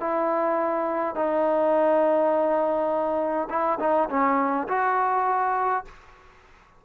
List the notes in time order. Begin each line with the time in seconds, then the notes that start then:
0.00 E4
1.15 D#4
3.50 E4
3.80 D#4
4.10 C#4
4.68 F#4